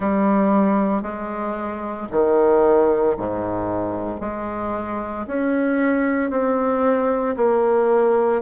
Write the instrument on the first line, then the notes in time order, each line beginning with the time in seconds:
bassoon
0.00 G3
1.02 G#3
2.11 D#3
3.17 G#2
4.20 G#3
5.27 C#4
6.30 C4
7.36 A#3